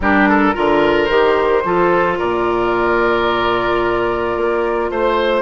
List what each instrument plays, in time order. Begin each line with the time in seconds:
0.00 bassoon G3, clarinet D4, oboe G4, flute A#4
0.28 oboe A4
0.53 bassoon D3, clarinet F4, oboe A#4
1.04 bassoon D#3, clarinet G4, flute C5
1.64 bassoon F3, clarinet F4, oboe A4
2.18 bassoon A#2, oboe A#4, flute D5
4.36 bassoon A#3
4.90 bassoon A3, oboe C5, flute C5